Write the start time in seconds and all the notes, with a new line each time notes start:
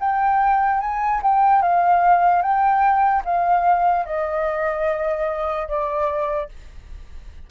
0.00 G5
0.81 G#5
1.22 G5
1.62 F5
2.42 G5
3.25 F5
4.06 D#5
5.68 D5